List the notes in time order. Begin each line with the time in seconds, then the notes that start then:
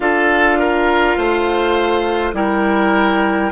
0.00 D4 F4 A4 F5
0.59 A#4
1.17 A3 C5
2.33 G3 E4 A#4 G5